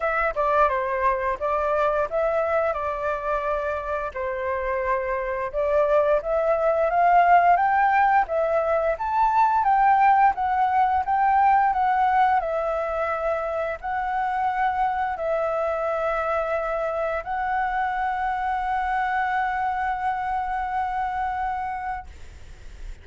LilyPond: \new Staff \with { instrumentName = "flute" } { \time 4/4 \tempo 4 = 87 e''8 d''8 c''4 d''4 e''4 | d''2 c''2 | d''4 e''4 f''4 g''4 | e''4 a''4 g''4 fis''4 |
g''4 fis''4 e''2 | fis''2 e''2~ | e''4 fis''2.~ | fis''1 | }